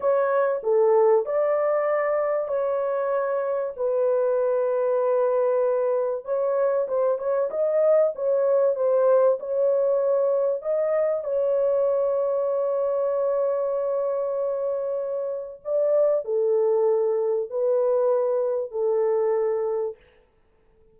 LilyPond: \new Staff \with { instrumentName = "horn" } { \time 4/4 \tempo 4 = 96 cis''4 a'4 d''2 | cis''2 b'2~ | b'2 cis''4 c''8 cis''8 | dis''4 cis''4 c''4 cis''4~ |
cis''4 dis''4 cis''2~ | cis''1~ | cis''4 d''4 a'2 | b'2 a'2 | }